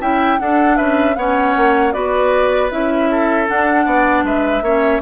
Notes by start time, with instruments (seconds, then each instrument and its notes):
0.00 bassoon C#4, clarinet E4, oboe E5, flute G5
0.38 clarinet D4, bassoon D4, oboe A4, flute F#5
0.76 bassoon C#4, oboe B4, flute E5
1.15 bassoon B3, clarinet C#4, oboe C#5, flute F#5
1.56 bassoon A#3
1.93 bassoon B3, clarinet F#4, oboe B4, flute D5
2.70 bassoon C#4, clarinet E4, flute E5
3.10 oboe A4
3.47 clarinet D4, bassoon D4, flute F#5
3.85 bassoon B3, oboe D5
4.23 bassoon G#3, oboe B4, flute E5
4.61 bassoon A#3, clarinet C#4, oboe C#5